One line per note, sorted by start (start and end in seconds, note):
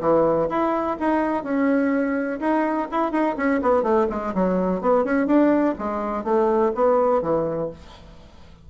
0.00 0.48 E3
0.49 0.97 E4
0.99 1.43 D#4
1.43 2.39 C#4
2.40 2.88 D#4
2.91 3.11 E4
3.11 3.35 D#4
3.36 3.60 C#4
3.62 3.82 B3
3.82 4.06 A3
4.09 4.33 G#3
4.34 4.81 F#3
4.81 5.04 B3
5.04 5.27 C#4
5.27 5.75 D4
5.78 6.24 G#3
6.24 6.72 A3
6.74 7.22 B3
7.22 7.70 E3